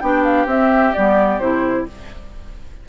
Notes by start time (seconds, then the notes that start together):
0.00 B3 D4 G4 G5
0.24 F5
0.46 C4 E5
0.94 G3 B3 D5
1.39 C3 E4 C5